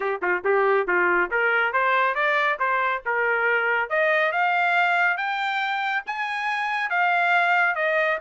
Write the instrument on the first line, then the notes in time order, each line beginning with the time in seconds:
trumpet
0.00 G4
0.21 F4
0.44 G4
0.87 F4
1.30 A#4
1.72 C5
2.14 D5
2.59 C5
3.05 A#4
3.89 D#5
4.32 F5
5.17 G5
6.06 G#5
6.90 F5
7.75 D#5